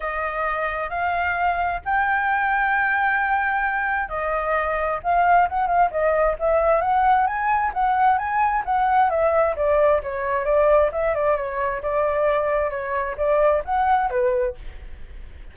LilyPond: \new Staff \with { instrumentName = "flute" } { \time 4/4 \tempo 4 = 132 dis''2 f''2 | g''1~ | g''4 dis''2 f''4 | fis''8 f''8 dis''4 e''4 fis''4 |
gis''4 fis''4 gis''4 fis''4 | e''4 d''4 cis''4 d''4 | e''8 d''8 cis''4 d''2 | cis''4 d''4 fis''4 b'4 | }